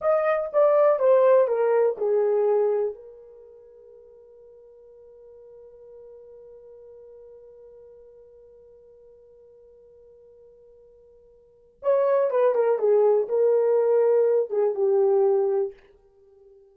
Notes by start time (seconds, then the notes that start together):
0.01 D#5
0.53 D5
0.99 C5
1.47 A#4
1.97 G#4
2.94 A#4
11.82 C#5
12.30 B4
12.54 A#4
12.78 G#4
13.28 A#4
14.50 G#4
14.75 G4